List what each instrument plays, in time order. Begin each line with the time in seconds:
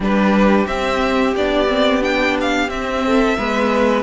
0.00 cello G3, viola D4, violin G4 B4
0.67 viola C4, cello C4, violin E5
1.36 cello B3, viola D4, violin D5
1.67 viola C4
2.01 viola D4, violin G5
2.40 violin F5
2.68 cello C4, viola C4, violin E5
3.05 violin A4
3.37 cello G#3, viola B3, violin B4